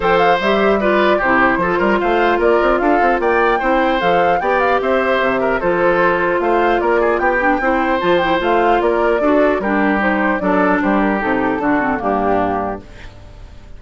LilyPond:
<<
  \new Staff \with { instrumentName = "flute" } { \time 4/4 \tempo 4 = 150 g''8 f''8 e''4 d''4 c''4~ | c''4 f''4 d''4 f''4 | g''2 f''4 g''8 f''8 | e''2 c''2 |
f''4 d''4 g''2 | a''8 g''8 f''4 d''2 | ais'4 c''4 d''4 c''8 ais'8 | a'2 g'2 | }
  \new Staff \with { instrumentName = "oboe" } { \time 4/4 c''2 b'4 g'4 | a'8 ais'8 c''4 ais'4 a'4 | d''4 c''2 d''4 | c''4. ais'8 a'2 |
c''4 ais'8 gis'8 g'4 c''4~ | c''2 ais'4 a'4 | g'2 a'4 g'4~ | g'4 fis'4 d'2 | }
  \new Staff \with { instrumentName = "clarinet" } { \time 4/4 a'4 g'4 f'4 e'4 | f'1~ | f'4 e'4 a'4 g'4~ | g'2 f'2~ |
f'2~ f'8 d'8 e'4 | f'8 e'8 f'2 fis'4 | d'4 dis'4 d'2 | dis'4 d'8 c'8 ais2 | }
  \new Staff \with { instrumentName = "bassoon" } { \time 4/4 f4 g2 c4 | f8 g8 a4 ais8 c'8 d'8 c'8 | ais4 c'4 f4 b4 | c'4 c4 f2 |
a4 ais4 b4 c'4 | f4 a4 ais4 d'4 | g2 fis4 g4 | c4 d4 g,2 | }
>>